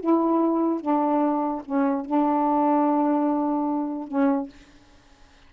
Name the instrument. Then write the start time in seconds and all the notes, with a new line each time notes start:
saxophone
0.00 E4
0.81 D4
1.65 C#4
2.05 D4
4.08 C#4